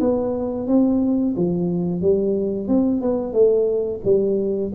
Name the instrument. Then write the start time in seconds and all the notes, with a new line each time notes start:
tuba
0.00 B3
0.67 C4
1.36 F3
2.01 G3
2.68 C4
3.01 B3
3.33 A3
4.04 G3